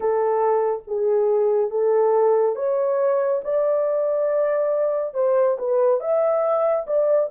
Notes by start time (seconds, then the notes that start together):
0.00 A4
0.87 G#4
1.70 A4
2.55 C#5
3.44 D5
5.14 C5
5.58 B4
6.00 E5
6.86 D5